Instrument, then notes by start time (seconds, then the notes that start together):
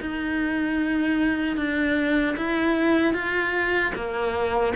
cello
0.00 D#4
1.57 D4
2.37 E4
3.14 F4
3.95 A#3